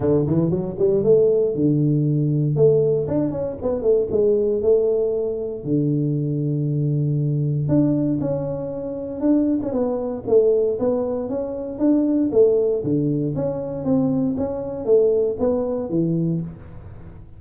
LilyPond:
\new Staff \with { instrumentName = "tuba" } { \time 4/4 \tempo 4 = 117 d8 e8 fis8 g8 a4 d4~ | d4 a4 d'8 cis'8 b8 a8 | gis4 a2 d4~ | d2. d'4 |
cis'2 d'8. cis'16 b4 | a4 b4 cis'4 d'4 | a4 d4 cis'4 c'4 | cis'4 a4 b4 e4 | }